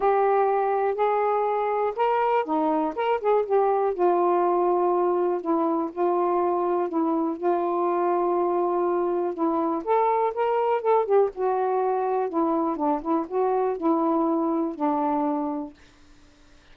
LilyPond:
\new Staff \with { instrumentName = "saxophone" } { \time 4/4 \tempo 4 = 122 g'2 gis'2 | ais'4 dis'4 ais'8 gis'8 g'4 | f'2. e'4 | f'2 e'4 f'4~ |
f'2. e'4 | a'4 ais'4 a'8 g'8 fis'4~ | fis'4 e'4 d'8 e'8 fis'4 | e'2 d'2 | }